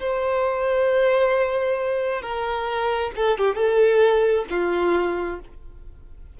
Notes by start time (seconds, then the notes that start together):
0.00 C5
2.22 A#4
3.16 A4
3.38 G4
3.55 A4
4.50 F4